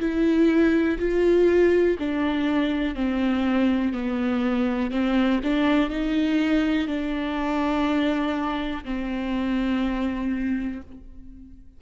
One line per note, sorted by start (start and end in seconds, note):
0.00 0.98 E4
0.99 1.98 F4
1.99 2.95 D4
2.95 3.93 C4
3.93 4.91 B3
4.91 5.40 C4
5.43 5.90 D4
5.90 6.88 D#4
6.88 8.84 D4
8.85 10.82 C4